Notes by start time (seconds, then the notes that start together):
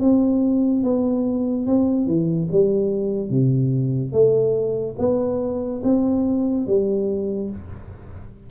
0.00 C4
0.84 B3
1.66 C4
2.06 E3
2.51 G3
3.30 C3
4.12 A3
4.98 B3
5.83 C4
6.67 G3